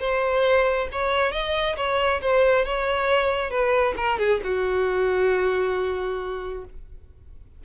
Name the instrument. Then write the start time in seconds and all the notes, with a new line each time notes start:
violin
0.00 C5
0.92 C#5
1.32 D#5
1.77 C#5
2.22 C5
2.66 C#5
3.51 B4
3.97 A#4
4.19 G#4
4.44 F#4